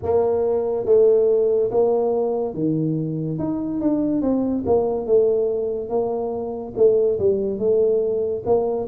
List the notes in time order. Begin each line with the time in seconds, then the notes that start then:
0.02 A#3
0.85 A3
1.70 A#3
2.54 D#3
3.38 D#4
3.80 D4
4.21 C4
4.66 A#3
5.06 A3
5.89 A#3
6.76 A3
7.19 G3
7.58 A3
8.45 A#3